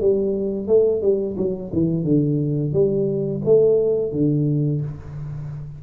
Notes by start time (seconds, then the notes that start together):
0.00 G3
0.67 A3
1.01 G3
1.36 F#3
1.72 E3
2.03 D3
2.72 G3
3.44 A3
4.12 D3